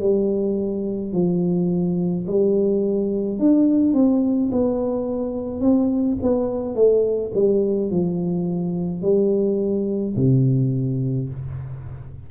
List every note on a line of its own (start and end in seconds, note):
0.00 1.13 G3
1.13 2.26 F3
2.27 3.40 G3
3.40 3.94 D4
3.94 4.51 C4
4.52 5.61 B3
5.61 6.18 C4
6.23 6.75 B3
6.75 7.32 A3
7.34 7.91 G3
7.91 9.03 F3
9.03 10.16 G3
10.17 11.30 C3